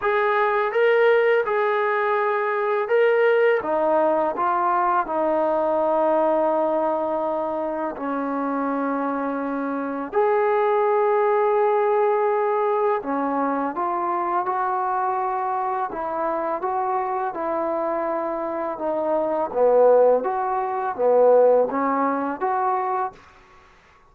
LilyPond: \new Staff \with { instrumentName = "trombone" } { \time 4/4 \tempo 4 = 83 gis'4 ais'4 gis'2 | ais'4 dis'4 f'4 dis'4~ | dis'2. cis'4~ | cis'2 gis'2~ |
gis'2 cis'4 f'4 | fis'2 e'4 fis'4 | e'2 dis'4 b4 | fis'4 b4 cis'4 fis'4 | }